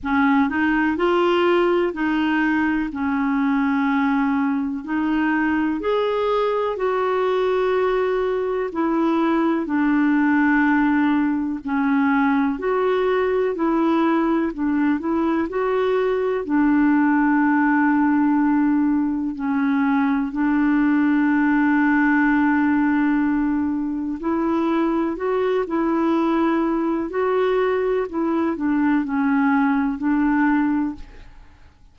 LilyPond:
\new Staff \with { instrumentName = "clarinet" } { \time 4/4 \tempo 4 = 62 cis'8 dis'8 f'4 dis'4 cis'4~ | cis'4 dis'4 gis'4 fis'4~ | fis'4 e'4 d'2 | cis'4 fis'4 e'4 d'8 e'8 |
fis'4 d'2. | cis'4 d'2.~ | d'4 e'4 fis'8 e'4. | fis'4 e'8 d'8 cis'4 d'4 | }